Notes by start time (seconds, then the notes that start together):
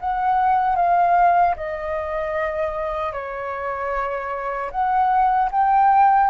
0.00 F#5
0.76 F5
1.56 D#5
3.13 C#5
4.71 F#5
5.51 G5